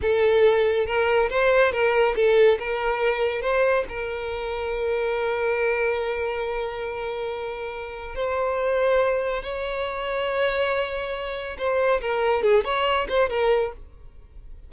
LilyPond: \new Staff \with { instrumentName = "violin" } { \time 4/4 \tempo 4 = 140 a'2 ais'4 c''4 | ais'4 a'4 ais'2 | c''4 ais'2.~ | ais'1~ |
ais'2. c''4~ | c''2 cis''2~ | cis''2. c''4 | ais'4 gis'8 cis''4 c''8 ais'4 | }